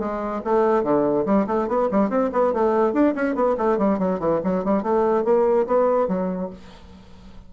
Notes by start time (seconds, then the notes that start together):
0.00 G#3
0.45 A3
0.84 D3
1.26 G3
1.47 A3
1.68 B3
1.92 G3
2.10 C4
2.33 B3
2.54 A3
2.94 D4
3.15 C#4
3.35 B3
3.58 A3
3.78 G3
3.99 F#3
4.20 E3
4.44 F#3
4.65 G3
4.83 A3
5.25 A#3
5.67 B3
6.08 F#3